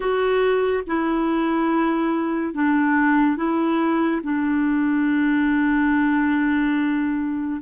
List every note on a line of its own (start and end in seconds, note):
0.00 0.83 F#4
0.86 2.54 E4
2.54 3.36 D4
3.36 4.21 E4
4.23 7.61 D4